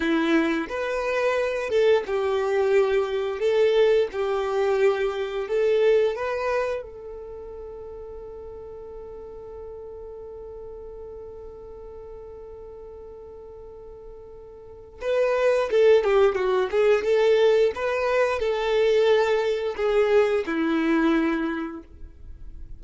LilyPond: \new Staff \with { instrumentName = "violin" } { \time 4/4 \tempo 4 = 88 e'4 b'4. a'8 g'4~ | g'4 a'4 g'2 | a'4 b'4 a'2~ | a'1~ |
a'1~ | a'2 b'4 a'8 g'8 | fis'8 gis'8 a'4 b'4 a'4~ | a'4 gis'4 e'2 | }